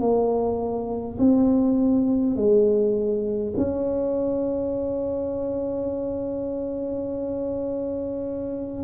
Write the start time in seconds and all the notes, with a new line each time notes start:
0.00 A#3
1.18 C4
2.36 G#3
3.57 C#4